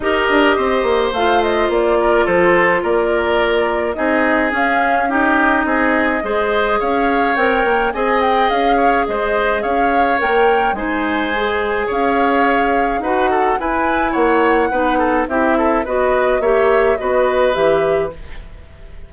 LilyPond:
<<
  \new Staff \with { instrumentName = "flute" } { \time 4/4 \tempo 4 = 106 dis''2 f''8 dis''8 d''4 | c''4 d''2 dis''4 | f''4 dis''2. | f''4 g''4 gis''8 g''8 f''4 |
dis''4 f''4 g''4 gis''4~ | gis''4 f''2 fis''4 | gis''4 fis''2 e''4 | dis''4 e''4 dis''4 e''4 | }
  \new Staff \with { instrumentName = "oboe" } { \time 4/4 ais'4 c''2~ c''8 ais'8 | a'4 ais'2 gis'4~ | gis'4 g'4 gis'4 c''4 | cis''2 dis''4. cis''8 |
c''4 cis''2 c''4~ | c''4 cis''2 b'8 a'8 | b'4 cis''4 b'8 a'8 g'8 a'8 | b'4 cis''4 b'2 | }
  \new Staff \with { instrumentName = "clarinet" } { \time 4/4 g'2 f'2~ | f'2. dis'4 | cis'4 dis'2 gis'4~ | gis'4 ais'4 gis'2~ |
gis'2 ais'4 dis'4 | gis'2. fis'4 | e'2 dis'4 e'4 | fis'4 g'4 fis'4 g'4 | }
  \new Staff \with { instrumentName = "bassoon" } { \time 4/4 dis'8 d'8 c'8 ais8 a4 ais4 | f4 ais2 c'4 | cis'2 c'4 gis4 | cis'4 c'8 ais8 c'4 cis'4 |
gis4 cis'4 ais4 gis4~ | gis4 cis'2 dis'4 | e'4 ais4 b4 c'4 | b4 ais4 b4 e4 | }
>>